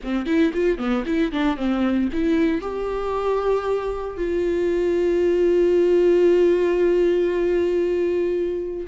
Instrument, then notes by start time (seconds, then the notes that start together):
viola
0.03 C4
0.26 E4
0.53 F4
0.78 B3
1.06 E4
1.32 D4
1.57 C4
2.12 E4
2.61 G4
4.17 F4